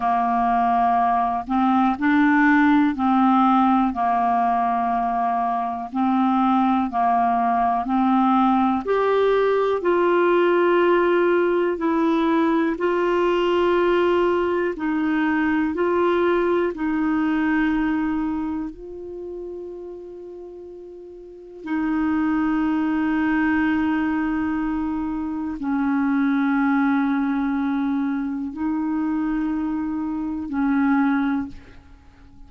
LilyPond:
\new Staff \with { instrumentName = "clarinet" } { \time 4/4 \tempo 4 = 61 ais4. c'8 d'4 c'4 | ais2 c'4 ais4 | c'4 g'4 f'2 | e'4 f'2 dis'4 |
f'4 dis'2 f'4~ | f'2 dis'2~ | dis'2 cis'2~ | cis'4 dis'2 cis'4 | }